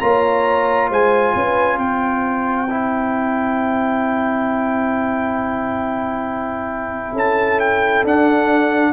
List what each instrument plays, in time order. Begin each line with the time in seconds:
0.00 tuba A#3, trombone F4, horn C#5, trumpet A#5
0.90 tuba G#3, horn C5, trumpet G#5
1.35 tuba C#4, horn B4
1.77 tuba C4, horn C5, trumpet G5
2.70 trombone E4
7.13 tuba C#4, horn A4, trumpet A5
7.60 trumpet G5
8.05 tuba D4, trombone D4, trumpet F#5